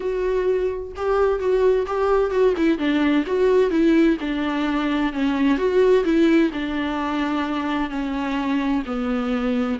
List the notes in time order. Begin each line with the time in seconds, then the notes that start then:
0.00 F#4
0.96 G4
1.39 F#4
1.86 G4
2.30 F#4
2.57 E4
2.78 D4
3.26 F#4
3.70 E4
4.20 D4
5.12 C#4
5.57 F#4
6.04 E4
6.53 D4
7.89 C#4
8.86 B3